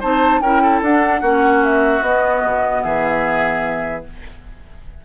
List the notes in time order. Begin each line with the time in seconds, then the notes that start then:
0.00 C4 D#4 C5 A5
0.41 C#4 E4 A#4 G5
0.62 A4
0.82 D4 F#5
1.21 A#3 C#4 F#4
1.63 E5
2.01 B3 D#5
2.44 B2
2.83 E3 G#4 E5